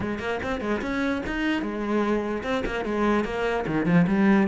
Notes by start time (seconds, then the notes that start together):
0.00 G#3
0.19 A#3
0.42 C4
0.60 G#3
0.81 C#4
1.26 D#4
1.61 G#3
2.43 C4
2.65 A#3
2.84 G#3
3.24 A#3
3.66 D#3
3.85 F3
4.07 G3